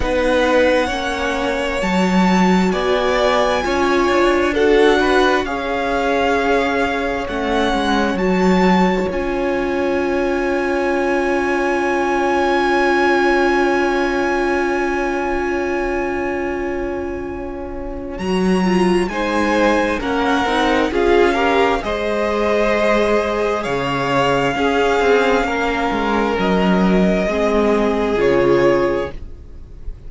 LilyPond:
<<
  \new Staff \with { instrumentName = "violin" } { \time 4/4 \tempo 4 = 66 fis''2 a''4 gis''4~ | gis''4 fis''4 f''2 | fis''4 a''4 gis''2~ | gis''1~ |
gis''1 | ais''4 gis''4 fis''4 f''4 | dis''2 f''2~ | f''4 dis''2 cis''4 | }
  \new Staff \with { instrumentName = "violin" } { \time 4/4 b'4 cis''2 d''4 | cis''4 a'8 b'8 cis''2~ | cis''1~ | cis''1~ |
cis''1~ | cis''4 c''4 ais'4 gis'8 ais'8 | c''2 cis''4 gis'4 | ais'2 gis'2 | }
  \new Staff \with { instrumentName = "viola" } { \time 4/4 dis'4 cis'4 fis'2 | f'4 fis'4 gis'2 | cis'4 fis'4 f'2~ | f'1~ |
f'1 | fis'8 f'8 dis'4 cis'8 dis'8 f'8 g'8 | gis'2. cis'4~ | cis'2 c'4 f'4 | }
  \new Staff \with { instrumentName = "cello" } { \time 4/4 b4 ais4 fis4 b4 | cis'8 d'4. cis'2 | a8 gis8 fis4 cis'2~ | cis'1~ |
cis'1 | fis4 gis4 ais8 c'8 cis'4 | gis2 cis4 cis'8 c'8 | ais8 gis8 fis4 gis4 cis4 | }
>>